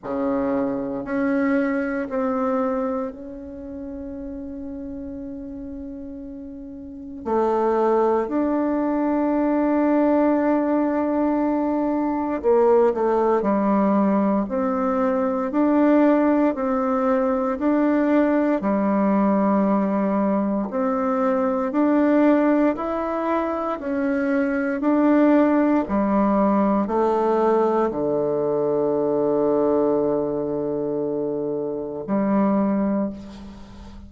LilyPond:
\new Staff \with { instrumentName = "bassoon" } { \time 4/4 \tempo 4 = 58 cis4 cis'4 c'4 cis'4~ | cis'2. a4 | d'1 | ais8 a8 g4 c'4 d'4 |
c'4 d'4 g2 | c'4 d'4 e'4 cis'4 | d'4 g4 a4 d4~ | d2. g4 | }